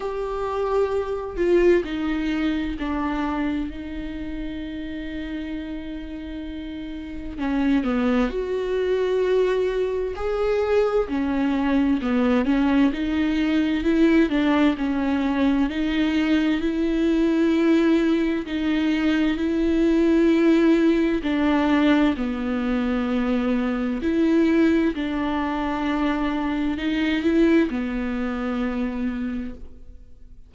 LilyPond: \new Staff \with { instrumentName = "viola" } { \time 4/4 \tempo 4 = 65 g'4. f'8 dis'4 d'4 | dis'1 | cis'8 b8 fis'2 gis'4 | cis'4 b8 cis'8 dis'4 e'8 d'8 |
cis'4 dis'4 e'2 | dis'4 e'2 d'4 | b2 e'4 d'4~ | d'4 dis'8 e'8 b2 | }